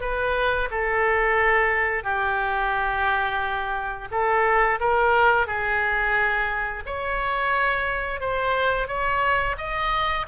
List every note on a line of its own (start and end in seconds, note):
0.00 0.68 B4
0.71 2.03 A4
2.03 4.08 G4
4.11 4.79 A4
4.79 5.46 A#4
5.46 6.83 G#4
6.86 8.20 C#5
8.20 8.88 C5
8.88 9.56 C#5
9.57 10.26 D#5